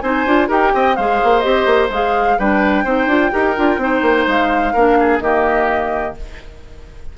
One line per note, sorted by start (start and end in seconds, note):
0.00 0.25 C4
0.00 0.26 D#4
0.00 0.48 C5
0.00 0.47 G#5
0.25 0.49 D4
0.25 0.48 F4
0.48 0.72 D#4
0.48 0.95 G4
0.48 0.71 A#4
0.48 0.95 G5
0.74 0.97 C4
0.74 0.96 D#5
0.95 1.21 G#3
0.95 1.42 G#4
0.95 2.38 C5
0.95 1.39 F5
1.23 1.44 A#3
1.39 1.65 C4
1.39 1.89 G4
1.39 1.87 D#5
1.65 1.89 A#3
1.89 2.37 G#3
1.89 2.39 G#4
1.89 2.39 F5
2.38 2.84 G3
2.38 2.85 D4
2.38 2.84 B4
2.38 4.28 G5
2.84 3.06 C4
2.84 3.09 D#4
2.84 3.31 C5
3.06 3.30 D4
3.06 3.31 F4
3.31 3.58 D#4
3.31 3.55 G4
3.31 3.80 A#4
3.56 3.77 D4
3.56 3.80 F4
3.77 4.00 C4
3.77 4.74 D#4
3.77 4.73 C5
4.02 4.25 A#3
4.27 4.74 G#3
4.27 5.20 F5
4.73 5.20 A#3
4.73 5.22 D4
4.73 4.97 A#4
5.00 5.23 G#4
5.20 6.14 D#3
5.20 6.16 A#3
5.20 6.17 G4
5.20 6.14 D#5